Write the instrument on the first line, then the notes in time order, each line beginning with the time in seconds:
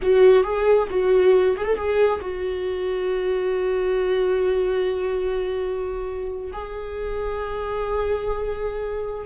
viola
0.02 F#4
0.43 G#4
0.90 F#4
1.57 G#4
1.65 A4
1.76 G#4
2.21 F#4
6.52 G#4